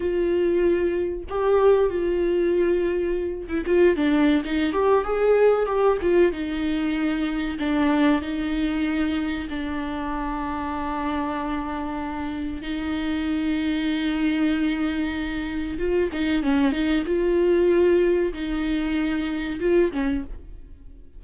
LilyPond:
\new Staff \with { instrumentName = "viola" } { \time 4/4 \tempo 4 = 95 f'2 g'4 f'4~ | f'4. e'16 f'8 d'8. dis'8 g'8 | gis'4 g'8 f'8 dis'2 | d'4 dis'2 d'4~ |
d'1 | dis'1~ | dis'4 f'8 dis'8 cis'8 dis'8 f'4~ | f'4 dis'2 f'8 cis'8 | }